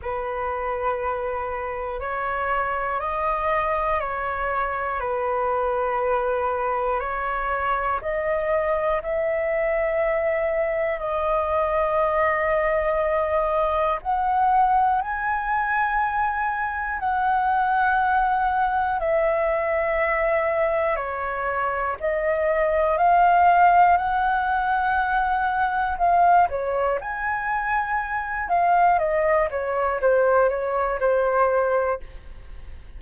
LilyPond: \new Staff \with { instrumentName = "flute" } { \time 4/4 \tempo 4 = 60 b'2 cis''4 dis''4 | cis''4 b'2 cis''4 | dis''4 e''2 dis''4~ | dis''2 fis''4 gis''4~ |
gis''4 fis''2 e''4~ | e''4 cis''4 dis''4 f''4 | fis''2 f''8 cis''8 gis''4~ | gis''8 f''8 dis''8 cis''8 c''8 cis''8 c''4 | }